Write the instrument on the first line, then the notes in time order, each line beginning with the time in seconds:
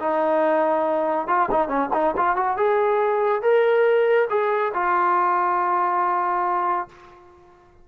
trombone
0.00 D#4
1.28 F4
1.52 D#4
1.68 C#4
1.94 D#4
2.17 F4
2.36 F#4
2.57 G#4
3.43 A#4
4.30 G#4
4.74 F4